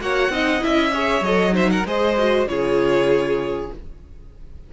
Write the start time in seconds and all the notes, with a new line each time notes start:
0.00 A#3 F#4 C#5 F#5
0.29 C4 D#4 D#5
0.59 E4 E5
0.65 C#4
0.93 G#4 C#5
1.21 F#3 A4 D#5
1.52 D#4 C5 E5
1.70 A#4 F#5
1.85 G#3 G#4 C5 D#5
2.18 F#4
2.46 C#3 F4 G#4 C#5